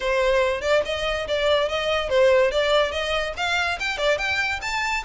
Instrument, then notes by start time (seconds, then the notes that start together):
violin
0.00 C5
0.61 D5
0.85 D#5
1.27 D5
1.69 D#5
2.09 C5
2.51 D5
2.91 D#5
3.36 F5
3.79 G5
3.97 D5
4.18 G5
4.61 A5